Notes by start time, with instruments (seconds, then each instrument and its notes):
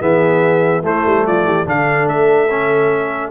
0.00 tuba E3, trombone B3, horn G#4, trumpet E5
0.82 tuba A3, trombone A3, horn E4, trumpet C5
1.06 tuba G3
1.26 tuba F3, horn F4, trumpet D5
1.44 tuba E3, horn G4
1.66 tuba D3, trombone D4, horn A4, trumpet F5
2.08 tuba A3, trumpet E5
2.50 trombone C#4